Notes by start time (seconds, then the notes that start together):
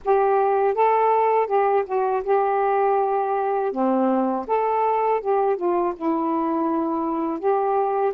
0.04 G4
0.74 A4
1.46 G4
1.86 F#4
2.23 G4
3.72 C4
4.47 A4
5.20 G4
5.56 F4
5.96 E4
7.39 G4